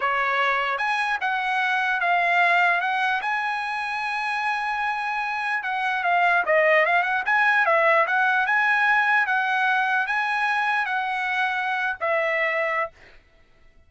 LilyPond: \new Staff \with { instrumentName = "trumpet" } { \time 4/4 \tempo 4 = 149 cis''2 gis''4 fis''4~ | fis''4 f''2 fis''4 | gis''1~ | gis''2 fis''4 f''4 |
dis''4 f''8 fis''8 gis''4 e''4 | fis''4 gis''2 fis''4~ | fis''4 gis''2 fis''4~ | fis''4.~ fis''16 e''2~ e''16 | }